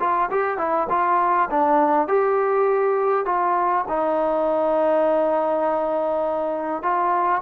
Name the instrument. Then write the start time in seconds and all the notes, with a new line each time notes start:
trombone
0.00 F4
0.31 G4
0.58 E4
0.90 F4
1.50 D4
2.08 G4
3.26 F4
3.88 D#4
6.83 F4